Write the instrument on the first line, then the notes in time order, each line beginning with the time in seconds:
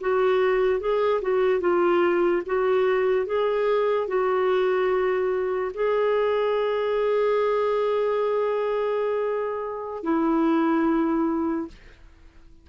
clarinet
0.00 F#4
0.80 G#4
1.21 F#4
1.60 F4
2.46 F#4
3.26 G#4
4.07 F#4
5.73 G#4
10.03 E4